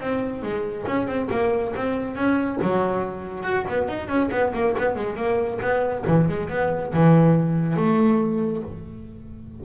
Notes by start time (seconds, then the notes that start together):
0.00 C4
0.42 G#3
0.86 C#4
1.07 C4
1.31 A#3
1.75 C4
2.15 C#4
2.62 F#3
3.43 F#4
3.68 B3
3.88 D#4
4.08 C#4
4.31 B3
4.53 A#3
4.78 B3
4.95 G#3
5.16 A#3
5.61 B3
6.06 E3
6.28 G#3
6.49 B3
6.93 E3
7.76 A3